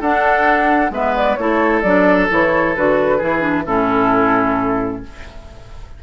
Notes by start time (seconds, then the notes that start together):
0.00 D4 A4 F#5
0.90 G#3 B3 B4 E5
1.16 D5
1.35 A3 E4 A4 C#5
1.81 F#3 D4 D5
2.29 E3 E4 C#5
2.75 D3 F#4 B4
3.17 E3 E4 G#4
3.41 D4
3.66 A2 C#4 E4 A4